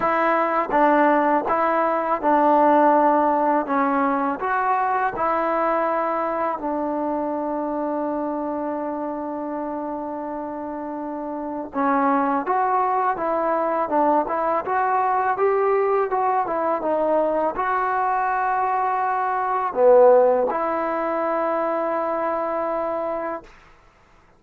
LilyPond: \new Staff \with { instrumentName = "trombone" } { \time 4/4 \tempo 4 = 82 e'4 d'4 e'4 d'4~ | d'4 cis'4 fis'4 e'4~ | e'4 d'2.~ | d'1 |
cis'4 fis'4 e'4 d'8 e'8 | fis'4 g'4 fis'8 e'8 dis'4 | fis'2. b4 | e'1 | }